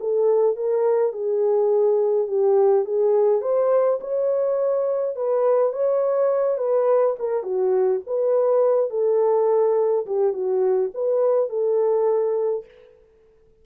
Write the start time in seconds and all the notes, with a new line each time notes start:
0.00 A4
0.56 A#4
1.13 G#4
2.28 G4
2.85 G#4
3.42 C5
4.01 C#5
5.16 B4
5.73 C#5
6.58 B4
7.19 A#4
7.43 F#4
8.07 B4
8.91 A4
10.06 G4
10.33 F#4
10.95 B4
11.50 A4